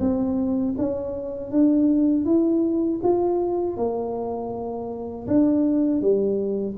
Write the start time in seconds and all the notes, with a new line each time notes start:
0.00 C4
0.78 C#4
1.51 D4
2.26 E4
3.03 F4
3.77 A#3
5.27 D4
6.01 G3